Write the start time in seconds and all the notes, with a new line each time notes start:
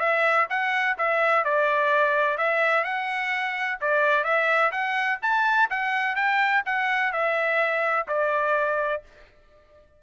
0.00 E5
0.50 F#5
0.98 E5
1.45 D5
2.38 E5
2.84 F#5
3.81 D5
4.24 E5
4.72 F#5
5.22 A5
5.70 F#5
6.16 G5
6.66 F#5
7.13 E5
8.08 D5